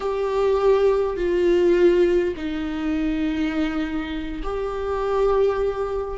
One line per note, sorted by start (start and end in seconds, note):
0.00 1.16 G4
1.16 2.34 F4
2.36 4.42 D#4
4.43 6.18 G4